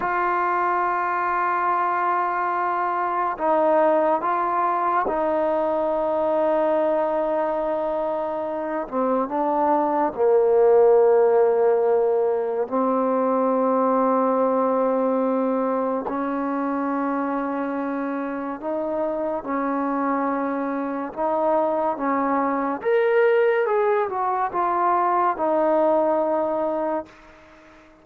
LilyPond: \new Staff \with { instrumentName = "trombone" } { \time 4/4 \tempo 4 = 71 f'1 | dis'4 f'4 dis'2~ | dis'2~ dis'8 c'8 d'4 | ais2. c'4~ |
c'2. cis'4~ | cis'2 dis'4 cis'4~ | cis'4 dis'4 cis'4 ais'4 | gis'8 fis'8 f'4 dis'2 | }